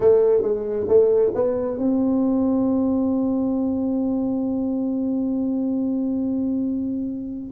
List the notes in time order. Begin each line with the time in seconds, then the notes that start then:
0.00 A3
0.42 G#3
0.87 A3
1.34 B3
1.77 C4